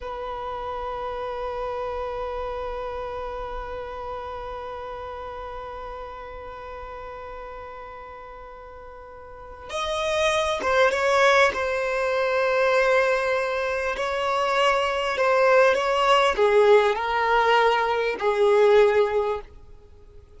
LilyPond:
\new Staff \with { instrumentName = "violin" } { \time 4/4 \tempo 4 = 99 b'1~ | b'1~ | b'1~ | b'1 |
dis''4. c''8 cis''4 c''4~ | c''2. cis''4~ | cis''4 c''4 cis''4 gis'4 | ais'2 gis'2 | }